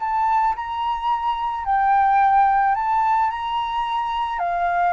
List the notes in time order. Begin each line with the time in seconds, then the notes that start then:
0.00 A5
0.56 A#5
1.65 G5
2.75 A5
3.30 A#5
4.39 F5